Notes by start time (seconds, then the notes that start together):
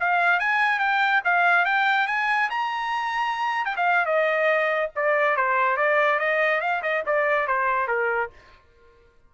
0.00 F5
0.40 G#5
0.79 G5
1.24 F5
1.65 G5
2.07 G#5
2.50 A#5
3.65 G5
3.76 F5
4.06 D#5
4.96 D5
5.36 C5
5.77 D5
6.19 D#5
6.61 F5
6.82 D#5
7.06 D5
7.47 C5
7.88 A#4